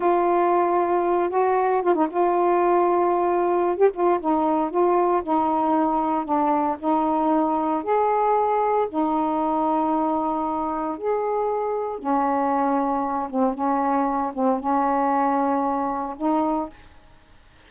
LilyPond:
\new Staff \with { instrumentName = "saxophone" } { \time 4/4 \tempo 4 = 115 f'2~ f'8 fis'4 f'16 dis'16 | f'2.~ f'16 g'16 f'8 | dis'4 f'4 dis'2 | d'4 dis'2 gis'4~ |
gis'4 dis'2.~ | dis'4 gis'2 cis'4~ | cis'4. c'8 cis'4. c'8 | cis'2. dis'4 | }